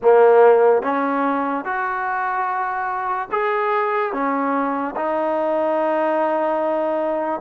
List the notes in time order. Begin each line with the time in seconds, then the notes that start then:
0.02 A#3
0.82 C#4
1.64 F#4
3.31 G#4
4.12 C#4
4.95 D#4